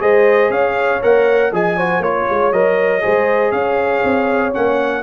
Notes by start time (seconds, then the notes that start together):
0.00 G#3 G#4 C5 D#5
0.50 C#4 C#5 F5
1.03 A#3 A#4 F#5
1.53 F3 G#4 D#5 G#5
1.78 F#4 C5
2.00 A#3 F4 C#5
2.30 G#3
2.52 F#3 A#4 D#5
3.02 G#3 G#4 C5
3.52 C#4 C#5 F5
4.04 C4
4.53 A#3 C#4 F#5